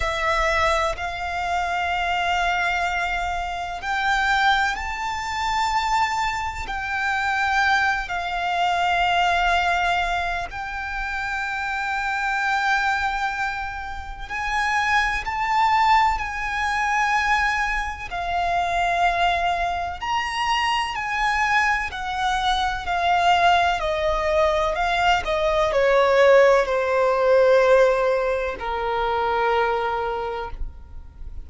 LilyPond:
\new Staff \with { instrumentName = "violin" } { \time 4/4 \tempo 4 = 63 e''4 f''2. | g''4 a''2 g''4~ | g''8 f''2~ f''8 g''4~ | g''2. gis''4 |
a''4 gis''2 f''4~ | f''4 ais''4 gis''4 fis''4 | f''4 dis''4 f''8 dis''8 cis''4 | c''2 ais'2 | }